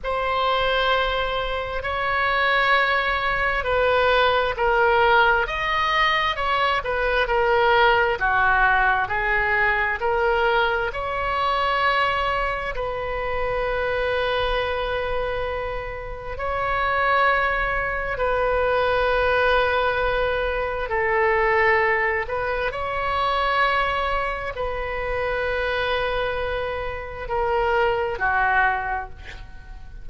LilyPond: \new Staff \with { instrumentName = "oboe" } { \time 4/4 \tempo 4 = 66 c''2 cis''2 | b'4 ais'4 dis''4 cis''8 b'8 | ais'4 fis'4 gis'4 ais'4 | cis''2 b'2~ |
b'2 cis''2 | b'2. a'4~ | a'8 b'8 cis''2 b'4~ | b'2 ais'4 fis'4 | }